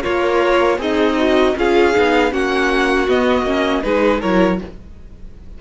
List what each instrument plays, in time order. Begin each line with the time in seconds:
0.00 cello A#3, violin F4 C#5, viola A#4
0.78 cello C4, violin D#4 D#5, viola G#4
1.17 viola F#4
1.56 cello C#4, viola F4, violin G#4 F5
1.93 cello B3, viola D#4
2.30 cello A#3, viola C#4, violin F#4 F#5
3.07 cello B3, viola B3, violin D#5
3.42 cello A#3, viola C#4
3.82 cello G#3, viola D#4, violin G#4 B4
4.20 cello F#3, viola E4, violin A#4 C#5